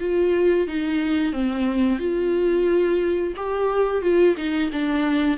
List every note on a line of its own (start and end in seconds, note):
0.00 0.67 F4
0.67 1.33 D#4
1.33 1.99 C4
1.99 3.34 F4
3.36 4.02 G4
4.02 4.35 F4
4.37 4.71 D#4
4.72 5.37 D4